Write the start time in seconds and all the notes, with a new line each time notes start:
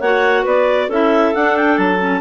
0.00 A#3 F#4 C#5 F#5
0.44 B3 B4 D5
0.89 C#4 E4 A4 E5
1.35 D4 F#5
1.57 G5
1.78 F#3 A5
2.00 C#4